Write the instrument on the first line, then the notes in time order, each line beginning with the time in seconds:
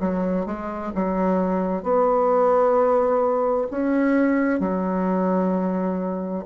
bassoon
0.00 F#3
0.46 G#3
0.95 F#3
1.83 B3
3.71 C#4
4.60 F#3